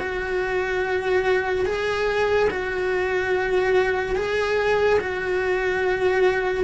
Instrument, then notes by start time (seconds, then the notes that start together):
cello
0.00 F#4
1.66 G#4
2.51 F#4
4.16 G#4
5.00 F#4